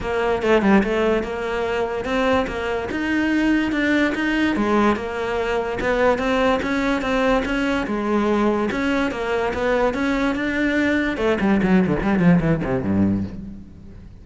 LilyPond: \new Staff \with { instrumentName = "cello" } { \time 4/4 \tempo 4 = 145 ais4 a8 g8 a4 ais4~ | ais4 c'4 ais4 dis'4~ | dis'4 d'4 dis'4 gis4 | ais2 b4 c'4 |
cis'4 c'4 cis'4 gis4~ | gis4 cis'4 ais4 b4 | cis'4 d'2 a8 g8 | fis8. d16 g8 f8 e8 c8 g,4 | }